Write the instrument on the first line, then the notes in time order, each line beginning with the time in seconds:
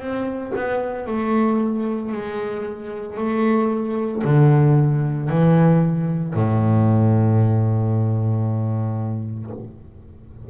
double bass
0.00 C4
0.56 B3
1.07 A3
2.12 G#3
3.18 A3
4.24 D3
5.30 E3
6.34 A2